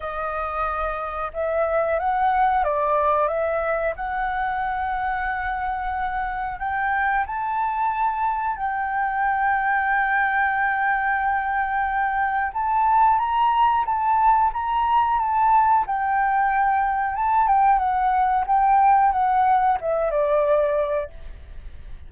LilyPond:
\new Staff \with { instrumentName = "flute" } { \time 4/4 \tempo 4 = 91 dis''2 e''4 fis''4 | d''4 e''4 fis''2~ | fis''2 g''4 a''4~ | a''4 g''2.~ |
g''2. a''4 | ais''4 a''4 ais''4 a''4 | g''2 a''8 g''8 fis''4 | g''4 fis''4 e''8 d''4. | }